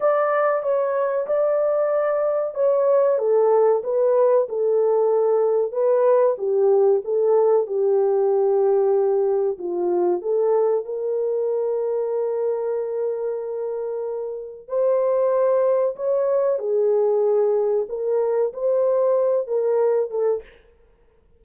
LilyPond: \new Staff \with { instrumentName = "horn" } { \time 4/4 \tempo 4 = 94 d''4 cis''4 d''2 | cis''4 a'4 b'4 a'4~ | a'4 b'4 g'4 a'4 | g'2. f'4 |
a'4 ais'2.~ | ais'2. c''4~ | c''4 cis''4 gis'2 | ais'4 c''4. ais'4 a'8 | }